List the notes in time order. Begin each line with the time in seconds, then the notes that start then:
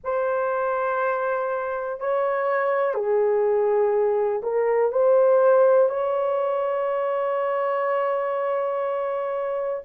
0.04 C5
1.99 C#5
2.94 G#4
4.43 A#4
4.92 C5
5.89 C#5